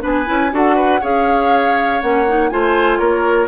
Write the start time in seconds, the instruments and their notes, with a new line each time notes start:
0.00 bassoon B3, clarinet D4, oboe B4, flute G#5
0.25 bassoon C#4, clarinet E4
0.51 bassoon D4, clarinet F#4, oboe A4, flute F#5
0.75 oboe B4
1.00 bassoon C#4, clarinet G#4, oboe C#5, flute F5
2.01 bassoon A#3, clarinet C#4, flute F#5
2.27 clarinet D#4
2.49 bassoon A3, clarinet F4, oboe C5, flute G#5
2.98 bassoon A#3, oboe A#4, flute C#5